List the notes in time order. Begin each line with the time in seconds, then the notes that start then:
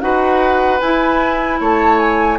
0.00 D#4 F#4 B4 F#5
0.80 E4 G#5
1.60 A3 C#5 A5
1.99 G#5